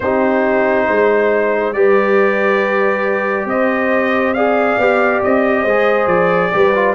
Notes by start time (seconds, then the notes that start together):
0.00 C4 D#4 G4 C5
0.87 G#3 C5
1.72 G3 G4 B4 D5
3.45 C4 C5 D#5
4.33 G#4 D5 F5
4.78 B3 G4
5.23 C4 D#5
5.62 G#3 G#4 C5
6.06 F3 D5
6.52 G3 G4 B4
6.74 F4